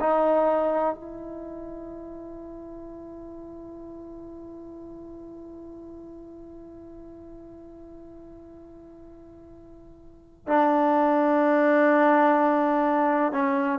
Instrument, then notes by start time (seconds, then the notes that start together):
trombone
0.00 D#4
0.95 E4
10.47 D4
13.32 C#4